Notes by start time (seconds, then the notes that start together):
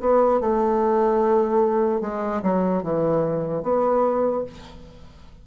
0.00 B3
0.40 A3
2.01 G#3
2.42 F#3
2.83 E3
3.63 B3